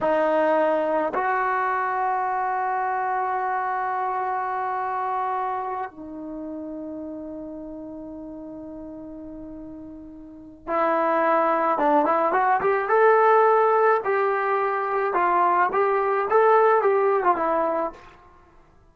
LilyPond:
\new Staff \with { instrumentName = "trombone" } { \time 4/4 \tempo 4 = 107 dis'2 fis'2~ | fis'1~ | fis'2~ fis'8 dis'4.~ | dis'1~ |
dis'2. e'4~ | e'4 d'8 e'8 fis'8 g'8 a'4~ | a'4 g'2 f'4 | g'4 a'4 g'8. f'16 e'4 | }